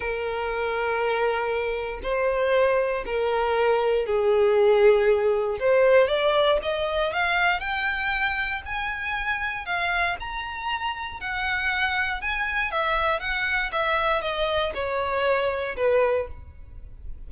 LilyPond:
\new Staff \with { instrumentName = "violin" } { \time 4/4 \tempo 4 = 118 ais'1 | c''2 ais'2 | gis'2. c''4 | d''4 dis''4 f''4 g''4~ |
g''4 gis''2 f''4 | ais''2 fis''2 | gis''4 e''4 fis''4 e''4 | dis''4 cis''2 b'4 | }